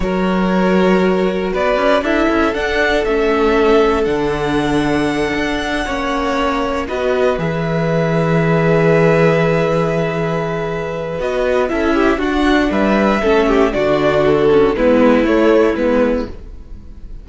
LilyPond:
<<
  \new Staff \with { instrumentName = "violin" } { \time 4/4 \tempo 4 = 118 cis''2. d''4 | e''4 fis''4 e''2 | fis''1~ | fis''4. dis''4 e''4.~ |
e''1~ | e''2 dis''4 e''4 | fis''4 e''2 d''4 | a'4 b'4 cis''4 b'4 | }
  \new Staff \with { instrumentName = "violin" } { \time 4/4 ais'2. b'4 | a'1~ | a'2.~ a'8 cis''8~ | cis''4. b'2~ b'8~ |
b'1~ | b'2. a'8 g'8 | fis'4 b'4 a'8 g'8 fis'4~ | fis'4 e'2. | }
  \new Staff \with { instrumentName = "viola" } { \time 4/4 fis'1 | e'4 d'4 cis'2 | d'2.~ d'8 cis'8~ | cis'4. fis'4 gis'4.~ |
gis'1~ | gis'2 fis'4 e'4 | d'2 cis'4 d'4~ | d'8 cis'8 b4 a4 b4 | }
  \new Staff \with { instrumentName = "cello" } { \time 4/4 fis2. b8 cis'8 | d'8 cis'8 d'4 a2 | d2~ d8 d'4 ais8~ | ais4. b4 e4.~ |
e1~ | e2 b4 cis'4 | d'4 g4 a4 d4~ | d4 gis4 a4 gis4 | }
>>